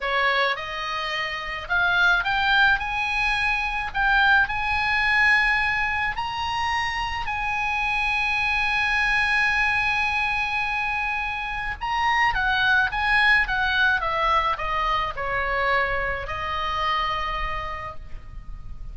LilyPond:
\new Staff \with { instrumentName = "oboe" } { \time 4/4 \tempo 4 = 107 cis''4 dis''2 f''4 | g''4 gis''2 g''4 | gis''2. ais''4~ | ais''4 gis''2.~ |
gis''1~ | gis''4 ais''4 fis''4 gis''4 | fis''4 e''4 dis''4 cis''4~ | cis''4 dis''2. | }